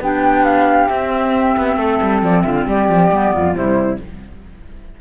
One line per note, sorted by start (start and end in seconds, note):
0.00 0.88 B3
0.00 0.91 D4
0.00 1.77 G4
0.00 0.44 G5
0.44 0.88 F5
0.88 1.56 C4
0.88 3.11 C4
0.88 2.20 E5
1.57 1.76 B3
1.76 1.99 A3
1.76 2.43 A4
2.02 2.22 G3
2.22 2.44 F3
2.22 2.42 D5
2.42 2.67 D3
2.42 2.67 F4
2.42 2.53 E5
2.54 2.65 F5
2.67 2.89 G3
2.67 3.33 G4
2.67 3.55 D5
2.89 3.11 F3
3.11 3.33 G3
3.11 3.54 B3
3.34 3.54 F2
3.34 3.56 F4
3.54 3.98 C3
3.54 3.99 G3
3.54 4.01 E4
3.54 3.99 C5